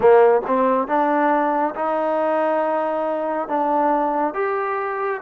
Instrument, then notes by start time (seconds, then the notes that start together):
trombone
0.00 A#3
0.47 C4
0.87 D4
1.75 D#4
3.48 D4
4.34 G4